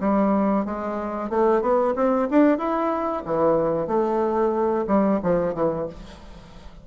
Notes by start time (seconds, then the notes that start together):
0.00 G3
0.65 G#3
1.29 A3
1.61 B3
1.95 C4
2.30 D4
2.58 E4
3.25 E3
3.87 A3
4.87 G3
5.23 F3
5.54 E3